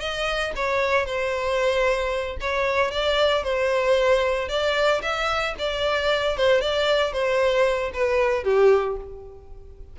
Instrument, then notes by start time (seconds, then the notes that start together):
violin
0.00 D#5
0.56 C#5
1.06 C5
2.41 C#5
2.91 D5
3.44 C5
4.49 D5
5.02 E5
5.59 D5
6.37 C5
6.61 D5
7.13 C5
7.94 B4
8.44 G4